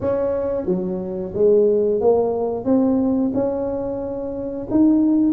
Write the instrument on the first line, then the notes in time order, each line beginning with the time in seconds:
tuba
0.01 C#4
0.65 F#3
1.34 G#3
2.00 A#3
2.65 C4
3.33 C#4
4.70 D#4